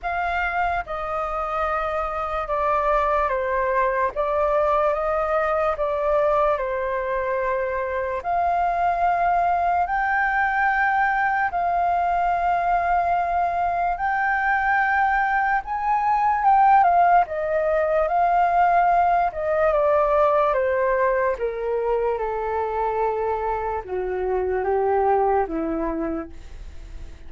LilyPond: \new Staff \with { instrumentName = "flute" } { \time 4/4 \tempo 4 = 73 f''4 dis''2 d''4 | c''4 d''4 dis''4 d''4 | c''2 f''2 | g''2 f''2~ |
f''4 g''2 gis''4 | g''8 f''8 dis''4 f''4. dis''8 | d''4 c''4 ais'4 a'4~ | a'4 fis'4 g'4 e'4 | }